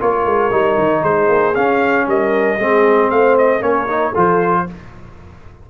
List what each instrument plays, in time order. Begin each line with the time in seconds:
0.00 tuba A#3, trombone F4, horn A#4, trumpet C#5
0.25 tuba G#3
0.51 tuba G3, trombone D#4
0.78 tuba D#3
1.01 tuba G#3, horn G#4, trumpet C5
1.28 tuba A#3
1.55 trombone C#4, tuba C#4, trumpet F5
2.07 tuba G3, horn A#4, trumpet D#5
2.58 tuba G#3, trombone C4, horn G#4
3.10 tuba A3, horn C5, trumpet F5
3.38 trumpet D#5
3.61 tuba A#3, trombone C#4, horn A#4, trumpet C#5
3.87 trombone D#4
4.11 tuba F3, trombone F4, horn A4
4.18 trumpet C5